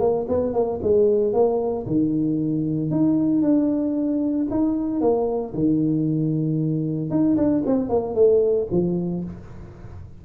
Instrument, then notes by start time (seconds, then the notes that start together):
tuba
0.00 A#3
0.29 B3
0.54 A#3
0.83 G#3
1.34 A#3
1.87 D#3
2.91 D#4
3.42 D4
4.51 D#4
5.01 A#3
5.54 D#3
7.11 D#4
7.37 D4
7.66 C4
7.90 A#3
8.15 A3
8.72 F3